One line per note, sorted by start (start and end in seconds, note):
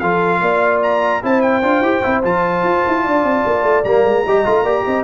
0.00 0.41 F3
0.00 1.23 F4
0.00 0.42 A4
0.00 0.81 F5
0.41 1.22 A#3
0.41 1.23 D5
0.83 1.23 A#5
1.23 1.63 C4
1.23 1.63 E4
1.23 3.03 C5
1.23 1.42 A5
1.42 2.22 G5
1.63 1.81 D4
1.63 1.83 F4
1.81 2.01 E4
1.81 2.03 G4
2.03 2.24 C4
2.03 2.24 E4
2.24 2.64 F3
2.24 3.85 F4
2.24 3.85 A5
2.64 2.84 F4
2.88 3.06 E4
3.03 3.24 D4
3.03 4.24 D5
3.24 3.44 C4
3.46 3.64 A#3
3.64 3.84 A3
3.85 4.04 G3
3.85 4.26 A#3
3.85 5.04 A#5
4.04 4.24 G#3
4.25 4.46 G3
4.25 4.45 G4
4.25 4.64 D#5
4.45 4.63 A3
4.45 4.66 F4
4.63 4.83 A#3
4.63 5.04 G4
4.63 4.84 D5
4.86 5.04 C4
4.86 5.04 D#5